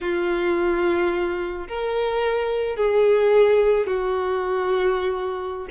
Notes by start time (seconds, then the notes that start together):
0.00 F4
1.67 A#4
2.76 G#4
3.87 F#4